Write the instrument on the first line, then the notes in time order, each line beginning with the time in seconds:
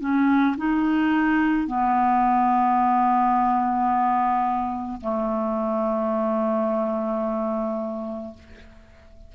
clarinet
0.00 C#4
0.57 D#4
1.67 B3
5.01 A3